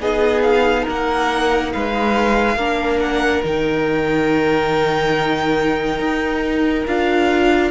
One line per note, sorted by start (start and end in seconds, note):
0.00 0.87 B3
0.00 2.57 D#4
0.00 0.83 G#4
0.00 0.42 D#5
0.42 0.85 F5
0.83 1.74 A#3
0.83 1.69 A#4
0.90 1.73 F#5
1.73 2.56 G#3
1.73 2.57 B4
1.73 3.00 F5
2.56 3.42 A#3
2.56 3.43 D4
2.56 7.71 A#4
3.00 3.43 F#5
3.43 5.99 D#3
3.43 6.86 D#4
3.43 6.87 G5
5.99 6.85 D#4
6.87 7.71 D4
6.87 7.71 F4
6.87 7.71 F5